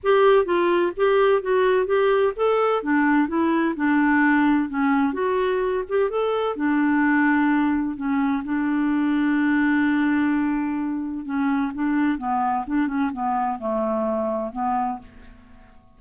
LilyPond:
\new Staff \with { instrumentName = "clarinet" } { \time 4/4 \tempo 4 = 128 g'4 f'4 g'4 fis'4 | g'4 a'4 d'4 e'4 | d'2 cis'4 fis'4~ | fis'8 g'8 a'4 d'2~ |
d'4 cis'4 d'2~ | d'1 | cis'4 d'4 b4 d'8 cis'8 | b4 a2 b4 | }